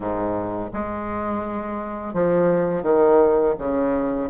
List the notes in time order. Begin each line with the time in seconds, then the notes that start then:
0.00 G#2
0.73 G#3
2.13 F3
2.82 D#3
3.58 C#3